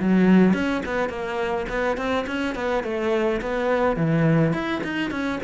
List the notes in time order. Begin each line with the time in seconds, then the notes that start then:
0.00 F#3
0.54 C#4
0.86 B3
1.10 A#3
1.69 B3
1.97 C4
2.27 C#4
2.56 B3
2.84 A3
3.41 B3
3.97 E3
4.54 E4
4.84 D#4
5.11 C#4